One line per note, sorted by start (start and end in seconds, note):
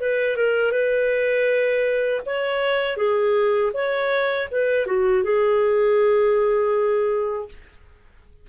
0.00 0.36 B4
0.36 0.71 A#4
0.71 2.21 B4
2.25 2.97 C#5
2.97 3.72 G#4
3.73 4.48 C#5
4.51 4.86 B4
4.86 5.23 F#4
5.23 7.48 G#4